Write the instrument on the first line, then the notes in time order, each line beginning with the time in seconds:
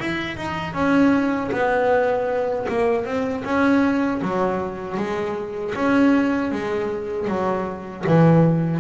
double bass
0.00 E4
0.37 D#4
0.73 C#4
1.51 B3
2.69 A#3
3.05 C4
3.44 C#4
4.22 F#3
4.97 G#3
5.75 C#4
6.51 G#3
7.28 F#3
8.07 E3